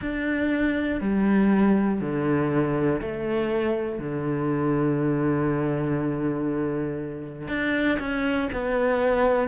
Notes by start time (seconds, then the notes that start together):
0.00 D4
1.00 G3
2.00 D3
3.00 A3
3.98 D3
7.48 D4
7.99 C#4
8.52 B3